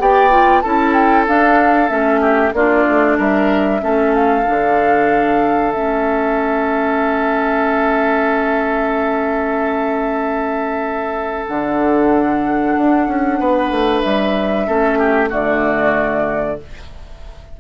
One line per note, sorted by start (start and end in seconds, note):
0.00 0.64 B3
0.00 0.31 G4
0.00 0.63 D5
0.00 0.61 G5
0.31 0.62 F4
0.61 1.28 C#4
0.61 1.28 E4
0.61 2.21 A4
0.61 0.93 A5
0.94 1.26 G5
1.28 1.88 D4
1.28 1.90 D4
1.28 1.90 F5
1.88 2.53 A3
1.88 2.52 C#4
1.88 2.53 E5
2.21 2.53 G4
2.53 2.85 A#3
2.53 3.81 D4
2.53 3.18 F4
2.53 3.19 D5
2.88 3.19 A3
3.18 3.83 G3
3.18 3.82 A#4
3.18 4.15 E5
3.81 4.47 A3
3.81 4.45 C#4
3.81 13.40 A4
4.15 5.72 F5
4.46 5.75 D3
4.46 5.73 D4
5.72 11.49 A3
5.72 11.48 C#4
5.72 11.46 E5
11.48 12.77 D3
11.48 14.68 D4
11.48 14.01 F#5
12.77 13.07 D4
13.07 13.39 C#4
13.40 13.71 B3
13.40 14.67 B4
13.71 14.03 A3
14.01 14.68 G3
14.01 15.29 E5
14.67 15.32 A3
14.67 15.30 C#4
14.67 14.99 A4
14.99 15.30 G4
15.30 16.60 D3
15.30 16.57 A3
15.30 16.57 F#4
15.30 16.60 D5